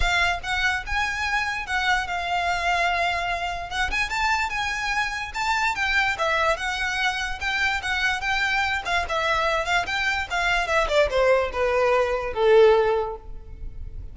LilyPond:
\new Staff \with { instrumentName = "violin" } { \time 4/4 \tempo 4 = 146 f''4 fis''4 gis''2 | fis''4 f''2.~ | f''4 fis''8 gis''8 a''4 gis''4~ | gis''4 a''4 g''4 e''4 |
fis''2 g''4 fis''4 | g''4. f''8 e''4. f''8 | g''4 f''4 e''8 d''8 c''4 | b'2 a'2 | }